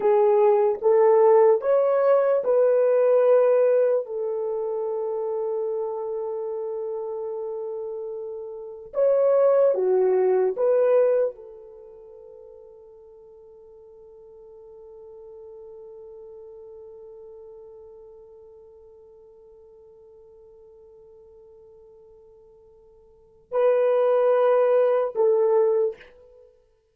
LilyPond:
\new Staff \with { instrumentName = "horn" } { \time 4/4 \tempo 4 = 74 gis'4 a'4 cis''4 b'4~ | b'4 a'2.~ | a'2. cis''4 | fis'4 b'4 a'2~ |
a'1~ | a'1~ | a'1~ | a'4 b'2 a'4 | }